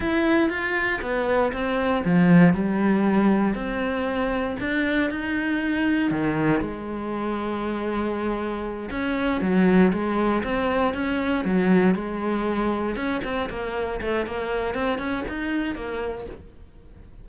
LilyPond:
\new Staff \with { instrumentName = "cello" } { \time 4/4 \tempo 4 = 118 e'4 f'4 b4 c'4 | f4 g2 c'4~ | c'4 d'4 dis'2 | dis4 gis2.~ |
gis4. cis'4 fis4 gis8~ | gis8 c'4 cis'4 fis4 gis8~ | gis4. cis'8 c'8 ais4 a8 | ais4 c'8 cis'8 dis'4 ais4 | }